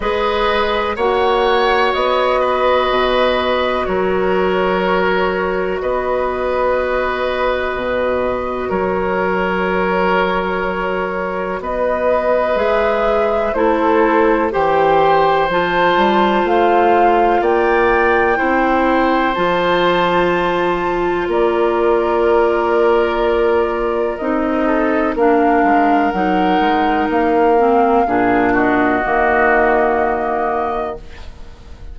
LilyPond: <<
  \new Staff \with { instrumentName = "flute" } { \time 4/4 \tempo 4 = 62 dis''4 fis''4 dis''2 | cis''2 dis''2~ | dis''4 cis''2. | dis''4 e''4 c''4 g''4 |
a''4 f''4 g''2 | a''2 d''2~ | d''4 dis''4 f''4 fis''4 | f''4. dis''2~ dis''8 | }
  \new Staff \with { instrumentName = "oboe" } { \time 4/4 b'4 cis''4. b'4. | ais'2 b'2~ | b'4 ais'2. | b'2 a'4 c''4~ |
c''2 d''4 c''4~ | c''2 ais'2~ | ais'4. a'8 ais'2~ | ais'4 gis'8 fis'2~ fis'8 | }
  \new Staff \with { instrumentName = "clarinet" } { \time 4/4 gis'4 fis'2.~ | fis'1~ | fis'1~ | fis'4 gis'4 e'4 g'4 |
f'2. e'4 | f'1~ | f'4 dis'4 d'4 dis'4~ | dis'8 c'8 d'4 ais2 | }
  \new Staff \with { instrumentName = "bassoon" } { \time 4/4 gis4 ais4 b4 b,4 | fis2 b2 | b,4 fis2. | b4 gis4 a4 e4 |
f8 g8 a4 ais4 c'4 | f2 ais2~ | ais4 c'4 ais8 gis8 fis8 gis8 | ais4 ais,4 dis2 | }
>>